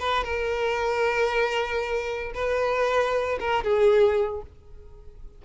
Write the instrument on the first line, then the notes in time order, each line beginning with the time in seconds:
violin
0.00 B4
0.24 A#4
2.35 B4
3.40 A#4
3.64 G#4